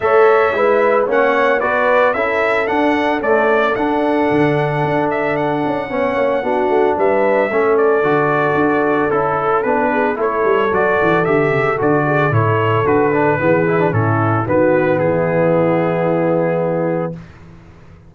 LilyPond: <<
  \new Staff \with { instrumentName = "trumpet" } { \time 4/4 \tempo 4 = 112 e''2 fis''4 d''4 | e''4 fis''4 d''4 fis''4~ | fis''4. e''8 fis''2~ | fis''4 e''4. d''4.~ |
d''4 a'4 b'4 cis''4 | d''4 e''4 d''4 cis''4 | b'2 a'4 b'4 | gis'1 | }
  \new Staff \with { instrumentName = "horn" } { \time 4/4 cis''4 b'4 cis''4 b'4 | a'1~ | a'2. cis''4 | fis'4 b'4 a'2~ |
a'2~ a'8 gis'8 a'4~ | a'2~ a'8 gis'8 a'4~ | a'4 gis'4 e'4 fis'4 | e'1 | }
  \new Staff \with { instrumentName = "trombone" } { \time 4/4 a'4 e'4 cis'4 fis'4 | e'4 d'4 a4 d'4~ | d'2. cis'4 | d'2 cis'4 fis'4~ |
fis'4 e'4 d'4 e'4 | fis'4 g'4 fis'4 e'4 | fis'8 d'8 b8 e'16 d'16 cis'4 b4~ | b1 | }
  \new Staff \with { instrumentName = "tuba" } { \time 4/4 a4 gis4 ais4 b4 | cis'4 d'4 cis'4 d'4 | d4 d'4. cis'8 b8 ais8 | b8 a8 g4 a4 d4 |
d'4 cis'4 b4 a8 g8 | fis8 e8 d8 cis8 d4 a,4 | d4 e4 a,4 dis4 | e1 | }
>>